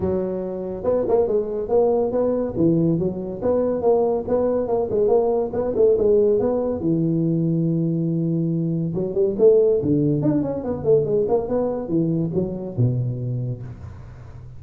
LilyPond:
\new Staff \with { instrumentName = "tuba" } { \time 4/4 \tempo 4 = 141 fis2 b8 ais8 gis4 | ais4 b4 e4 fis4 | b4 ais4 b4 ais8 gis8 | ais4 b8 a8 gis4 b4 |
e1~ | e4 fis8 g8 a4 d4 | d'8 cis'8 b8 a8 gis8 ais8 b4 | e4 fis4 b,2 | }